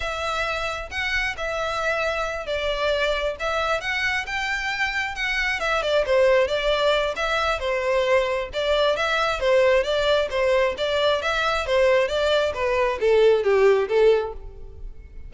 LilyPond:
\new Staff \with { instrumentName = "violin" } { \time 4/4 \tempo 4 = 134 e''2 fis''4 e''4~ | e''4. d''2 e''8~ | e''8 fis''4 g''2 fis''8~ | fis''8 e''8 d''8 c''4 d''4. |
e''4 c''2 d''4 | e''4 c''4 d''4 c''4 | d''4 e''4 c''4 d''4 | b'4 a'4 g'4 a'4 | }